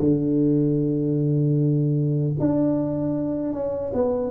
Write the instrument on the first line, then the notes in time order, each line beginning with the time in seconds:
tuba
0.00 D3
2.40 D4
3.53 C#4
3.94 B3